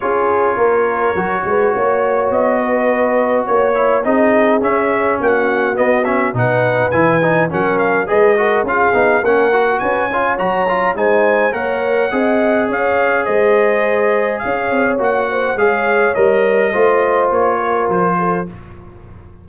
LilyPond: <<
  \new Staff \with { instrumentName = "trumpet" } { \time 4/4 \tempo 4 = 104 cis''1 | dis''2 cis''4 dis''4 | e''4 fis''4 dis''8 e''8 fis''4 | gis''4 fis''8 f''8 dis''4 f''4 |
fis''4 gis''4 ais''4 gis''4 | fis''2 f''4 dis''4~ | dis''4 f''4 fis''4 f''4 | dis''2 cis''4 c''4 | }
  \new Staff \with { instrumentName = "horn" } { \time 4/4 gis'4 ais'4. b'8 cis''4~ | cis''8 b'4. cis''4 gis'4~ | gis'4 fis'2 b'4~ | b'4 ais'4 b'8 ais'8 gis'4 |
ais'4 b'8 cis''4. c''4 | cis''4 dis''4 cis''4 c''4~ | c''4 cis''4. c''8 cis''4~ | cis''4 c''4. ais'4 a'8 | }
  \new Staff \with { instrumentName = "trombone" } { \time 4/4 f'2 fis'2~ | fis'2~ fis'8 e'8 dis'4 | cis'2 b8 cis'8 dis'4 | e'8 dis'8 cis'4 gis'8 fis'8 f'8 dis'8 |
cis'8 fis'4 f'8 fis'8 f'8 dis'4 | ais'4 gis'2.~ | gis'2 fis'4 gis'4 | ais'4 f'2. | }
  \new Staff \with { instrumentName = "tuba" } { \time 4/4 cis'4 ais4 fis8 gis8 ais4 | b2 ais4 c'4 | cis'4 ais4 b4 b,4 | e4 fis4 gis4 cis'8 b8 |
ais4 cis'4 fis4 gis4 | ais4 c'4 cis'4 gis4~ | gis4 cis'8 c'8 ais4 gis4 | g4 a4 ais4 f4 | }
>>